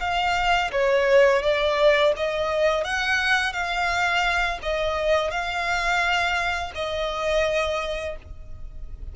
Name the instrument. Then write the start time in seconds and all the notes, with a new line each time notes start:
violin
0.00 F5
0.72 C#5
1.42 D5
2.16 D#5
2.84 F#5
3.53 F5
4.62 D#5
5.31 F5
6.75 D#5